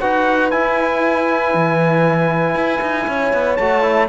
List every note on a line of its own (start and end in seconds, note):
0.00 0.53 D#4
0.00 0.51 F#4
0.00 3.08 B4
0.00 0.50 F#5
0.50 3.59 E4
0.50 1.54 E4
0.50 3.56 G#5
1.54 2.55 E3
2.55 2.81 E4
2.81 3.07 D#4
3.07 3.33 C#4
3.07 4.08 C#5
3.33 3.59 B3
3.56 4.08 A3
3.56 3.82 F#4
3.56 4.07 A5
3.82 4.08 E4